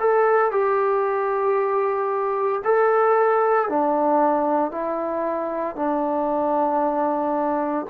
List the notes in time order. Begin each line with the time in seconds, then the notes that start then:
0.00 A4
0.52 G4
2.65 A4
3.69 D4
4.72 E4
5.76 D4